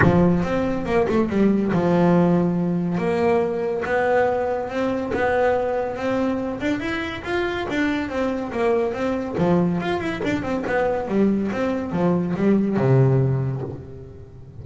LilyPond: \new Staff \with { instrumentName = "double bass" } { \time 4/4 \tempo 4 = 141 f4 c'4 ais8 a8 g4 | f2. ais4~ | ais4 b2 c'4 | b2 c'4. d'8 |
e'4 f'4 d'4 c'4 | ais4 c'4 f4 f'8 e'8 | d'8 c'8 b4 g4 c'4 | f4 g4 c2 | }